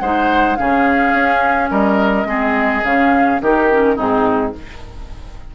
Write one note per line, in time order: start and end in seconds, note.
0.00 0.58 G#3
0.00 0.57 D#4
0.00 0.58 C5
0.00 0.56 F#5
0.56 1.13 C#3
0.56 2.27 C#4
0.56 1.71 G#4
0.56 1.70 F5
1.13 1.70 C#4
1.71 2.26 G3
1.71 2.27 A#4
1.71 2.85 D#5
2.26 2.82 G#3
2.26 2.83 C4
2.26 3.42 G#4
2.84 3.40 C#3
2.84 3.42 C#4
2.84 3.41 F5
3.41 3.98 D#3
3.41 3.71 D#4
3.41 3.96 G4
3.41 3.99 A#4
3.71 3.96 C#4
3.96 4.55 G#2
3.96 4.53 C4
3.96 4.52 D#4
3.96 4.55 G#4